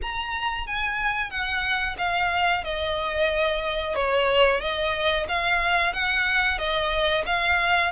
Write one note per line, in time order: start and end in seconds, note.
0.02 0.66 A#5
0.66 1.30 G#5
1.30 1.96 F#5
1.98 2.64 F5
2.64 3.95 D#5
3.95 4.60 C#5
4.60 5.26 D#5
5.28 5.93 F5
5.93 6.58 F#5
6.58 7.24 D#5
7.26 7.92 F5